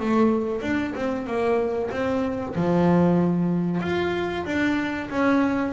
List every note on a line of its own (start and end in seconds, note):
0.00 0.62 A3
0.62 0.93 D4
0.95 1.26 C4
1.26 1.90 A#3
1.91 2.54 C4
2.55 3.81 F3
3.81 4.45 F4
4.45 5.09 D4
5.10 5.73 C#4